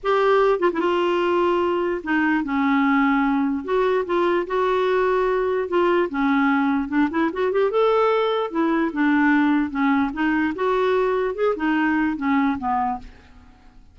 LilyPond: \new Staff \with { instrumentName = "clarinet" } { \time 4/4 \tempo 4 = 148 g'4. f'16 e'16 f'2~ | f'4 dis'4 cis'2~ | cis'4 fis'4 f'4 fis'4~ | fis'2 f'4 cis'4~ |
cis'4 d'8 e'8 fis'8 g'8 a'4~ | a'4 e'4 d'2 | cis'4 dis'4 fis'2 | gis'8 dis'4. cis'4 b4 | }